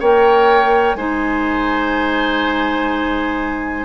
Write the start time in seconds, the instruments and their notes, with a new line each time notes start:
0.00 bassoon A#3, clarinet A#4, oboe C#5, flute G5
0.95 bassoon G#3, clarinet D#4, oboe C5, flute G#5